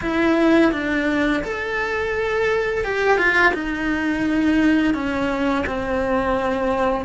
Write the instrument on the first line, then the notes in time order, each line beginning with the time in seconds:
cello
0.01 E4
0.72 D4
1.43 A4
2.84 G4
3.17 F4
3.53 D#4
4.94 C#4
5.66 C4